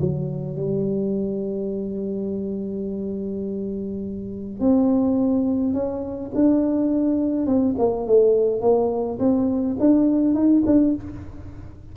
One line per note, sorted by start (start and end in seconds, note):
0.00 0.56 F#3
0.56 4.60 G3
4.60 5.73 C4
5.73 6.31 C#4
6.34 7.46 D4
7.46 7.75 C4
7.78 8.07 A#3
8.07 8.61 A3
8.61 9.18 A#3
9.19 9.77 C4
9.79 10.34 D4
10.34 10.63 D#4
10.66 10.95 D4